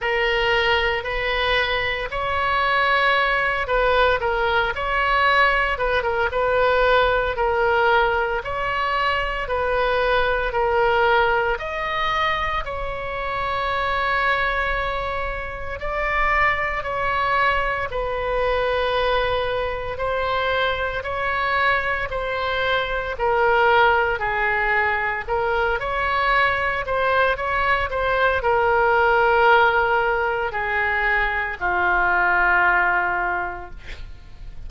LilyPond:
\new Staff \with { instrumentName = "oboe" } { \time 4/4 \tempo 4 = 57 ais'4 b'4 cis''4. b'8 | ais'8 cis''4 b'16 ais'16 b'4 ais'4 | cis''4 b'4 ais'4 dis''4 | cis''2. d''4 |
cis''4 b'2 c''4 | cis''4 c''4 ais'4 gis'4 | ais'8 cis''4 c''8 cis''8 c''8 ais'4~ | ais'4 gis'4 f'2 | }